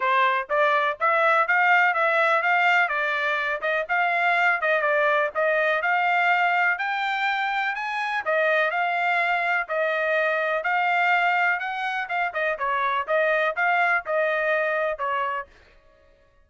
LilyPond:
\new Staff \with { instrumentName = "trumpet" } { \time 4/4 \tempo 4 = 124 c''4 d''4 e''4 f''4 | e''4 f''4 d''4. dis''8 | f''4. dis''8 d''4 dis''4 | f''2 g''2 |
gis''4 dis''4 f''2 | dis''2 f''2 | fis''4 f''8 dis''8 cis''4 dis''4 | f''4 dis''2 cis''4 | }